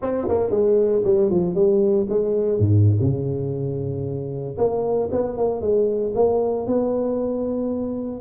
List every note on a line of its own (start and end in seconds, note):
0.01 0.28 C4
0.28 0.50 A#3
0.50 1.02 G#3
1.04 1.30 G3
1.30 1.54 F3
1.54 2.07 G3
2.09 2.58 G#3
2.58 2.97 G#2
3.00 4.57 C#3
4.57 5.09 A#3
5.11 5.37 B3
5.37 5.61 A#3
5.61 6.13 G#3
6.14 6.66 A#3
6.66 8.20 B3